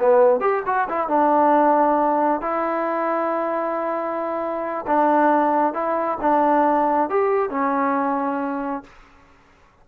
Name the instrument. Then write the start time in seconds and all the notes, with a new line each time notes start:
trombone
0.00 B3
0.41 G4
0.66 F#4
0.89 E4
1.09 D4
2.42 E4
4.87 D4
5.74 E4
6.21 D4
7.10 G4
7.51 C#4